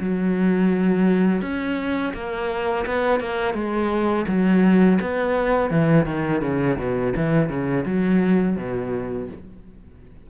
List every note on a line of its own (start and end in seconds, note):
0.00 1.42 F#3
1.42 2.13 C#4
2.14 2.85 A#3
2.86 3.20 B3
3.20 3.54 A#3
3.54 4.26 G#3
4.28 4.99 F#3
5.01 5.70 B3
5.70 6.06 E3
6.06 6.41 D#3
6.42 6.77 C#3
6.78 7.14 B2
7.16 7.49 E3
7.49 7.85 C#3
7.86 8.57 F#3
8.57 9.28 B2